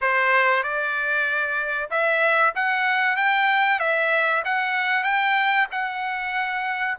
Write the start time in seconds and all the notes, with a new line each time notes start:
0.01 C5
0.63 D5
1.90 E5
2.55 F#5
3.16 G5
3.79 E5
4.44 F#5
5.03 G5
5.71 F#5